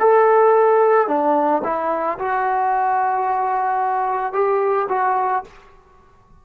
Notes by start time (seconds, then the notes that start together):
0.00 A4
1.08 D4
1.64 E4
2.19 F#4
4.33 G4
4.89 F#4